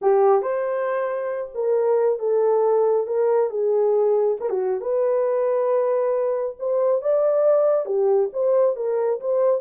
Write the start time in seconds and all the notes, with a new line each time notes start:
0.01 G4
0.41 C5
1.54 A#4
2.19 A4
3.06 A#4
3.50 G#4
4.40 A#4
4.49 F#4
4.81 B4
6.59 C5
7.01 D5
7.85 G4
8.32 C5
8.76 A#4
9.20 C5